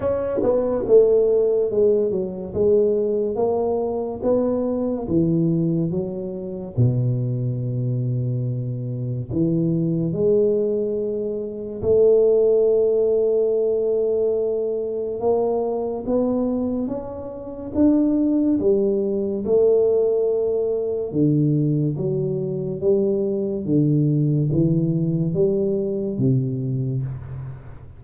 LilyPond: \new Staff \with { instrumentName = "tuba" } { \time 4/4 \tempo 4 = 71 cis'8 b8 a4 gis8 fis8 gis4 | ais4 b4 e4 fis4 | b,2. e4 | gis2 a2~ |
a2 ais4 b4 | cis'4 d'4 g4 a4~ | a4 d4 fis4 g4 | d4 e4 g4 c4 | }